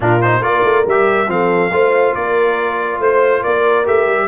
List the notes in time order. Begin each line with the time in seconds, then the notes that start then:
0.00 A#2 D4 F4 A#4
0.21 D#4 C5
0.40 A#3 F4 A#4 D5
0.63 A3
0.85 G3 G4 E5
1.27 F3 C4 A4 F5
1.71 A3 F4 C5
2.14 A#3 A#4 D5
2.99 A3 C5
3.40 A#3 A#4 D5
3.85 A3 G4 E5
4.06 G3